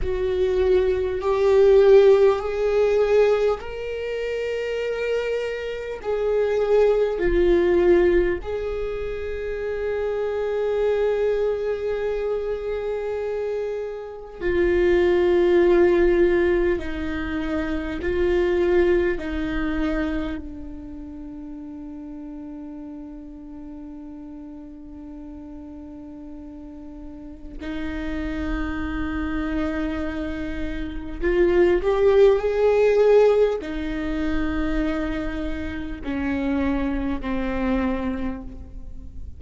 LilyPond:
\new Staff \with { instrumentName = "viola" } { \time 4/4 \tempo 4 = 50 fis'4 g'4 gis'4 ais'4~ | ais'4 gis'4 f'4 gis'4~ | gis'1 | f'2 dis'4 f'4 |
dis'4 d'2.~ | d'2. dis'4~ | dis'2 f'8 g'8 gis'4 | dis'2 cis'4 c'4 | }